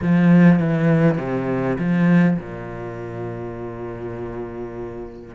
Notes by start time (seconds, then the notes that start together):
0.02 F3
0.59 E3
1.17 C3
1.78 F3
2.38 A#2